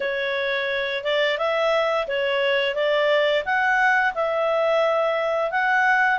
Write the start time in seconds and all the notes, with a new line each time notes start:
0.00 C#5
1.03 D5
1.38 E5
2.07 C#5
2.74 D5
3.45 F#5
4.14 E5
5.51 F#5